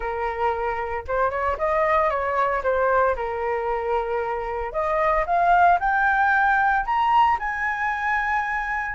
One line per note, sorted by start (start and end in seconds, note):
0.00 1.04 A#4
1.07 1.30 C5
1.30 1.56 C#5
1.57 2.09 D#5
2.09 2.62 C#5
2.63 3.15 C5
3.16 4.72 A#4
4.72 5.25 D#5
5.26 5.78 F5
5.79 6.85 G5
6.85 7.38 A#5
7.39 8.94 G#5